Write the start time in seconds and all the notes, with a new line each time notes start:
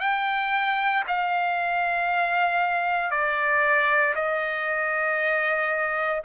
0.00 G5
1.08 F5
3.11 D5
4.15 D#5